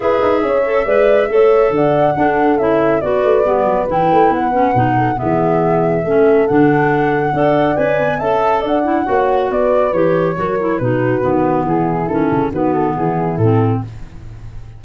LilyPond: <<
  \new Staff \with { instrumentName = "flute" } { \time 4/4 \tempo 4 = 139 e''1 | fis''2 e''4 d''4~ | d''4 g''4 fis''2 | e''2. fis''4~ |
fis''2 gis''4 a''4 | fis''2 d''4 cis''4~ | cis''4 b'2 gis'4 | a'4 b'8 a'8 gis'4 a'4 | }
  \new Staff \with { instrumentName = "horn" } { \time 4/4 b'4 cis''4 d''4 cis''4 | d''4 a'2 b'4~ | b'2.~ b'8 a'8 | gis'2 a'2~ |
a'4 d''2 e''4 | d''4 cis''4 b'2 | ais'4 fis'2 e'4~ | e'4 fis'4 e'2 | }
  \new Staff \with { instrumentName = "clarinet" } { \time 4/4 gis'4. a'8 b'4 a'4~ | a'4 d'4 e'4 fis'4 | b4 e'4. cis'8 dis'4 | b2 cis'4 d'4~ |
d'4 a'4 b'4 a'4~ | a'8 e'8 fis'2 g'4 | fis'8 e'8 dis'4 b2 | cis'4 b2 c'4 | }
  \new Staff \with { instrumentName = "tuba" } { \time 4/4 e'8 dis'8 cis'4 gis4 a4 | d4 d'4 cis'4 b8 a8 | g8 fis8 e8 a8 b4 b,4 | e2 a4 d4~ |
d4 d'4 cis'8 b8 cis'4 | d'4 ais4 b4 e4 | fis4 b,4 dis4 e4 | dis8 cis8 dis4 e4 a,4 | }
>>